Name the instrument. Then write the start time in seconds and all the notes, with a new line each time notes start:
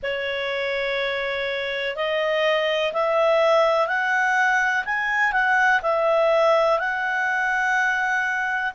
clarinet
0.02 C#5
1.96 D#5
2.93 E5
3.87 F#5
4.85 G#5
5.32 F#5
5.82 E5
6.79 F#5